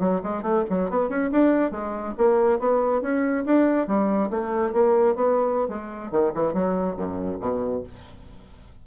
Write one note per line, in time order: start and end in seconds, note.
0.00 0.21 F#3
0.24 0.43 G#3
0.43 0.64 A3
0.70 0.90 F#3
0.90 1.09 B3
1.09 1.31 C#4
1.32 1.72 D4
1.72 2.15 G#3
2.18 2.59 A#3
2.59 3.02 B3
3.02 3.45 C#4
3.46 3.87 D4
3.87 4.30 G3
4.31 4.73 A3
4.73 5.16 A#3
5.16 5.69 B3
5.69 6.12 G#3
6.12 6.33 D#3
6.35 6.54 E3
6.54 6.97 F#3
6.97 7.39 F#2
7.41 7.84 B2